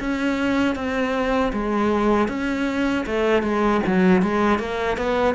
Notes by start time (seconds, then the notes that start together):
0.00 C#4
0.75 C4
1.52 G#3
2.28 C#4
3.06 A3
3.43 G#3
3.87 F#3
4.22 G#3
4.59 A#3
4.97 B3